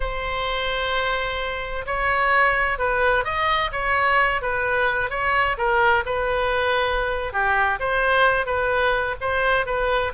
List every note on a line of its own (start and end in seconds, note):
0.00 1.85 C5
1.85 2.78 C#5
2.78 3.24 B4
3.24 3.70 D#5
3.71 4.41 C#5
4.41 5.10 B4
5.10 5.56 C#5
5.57 6.04 A#4
6.05 7.32 B4
7.32 7.79 G4
7.79 8.45 C5
8.45 9.15 B4
9.21 9.65 C5
9.65 10.12 B4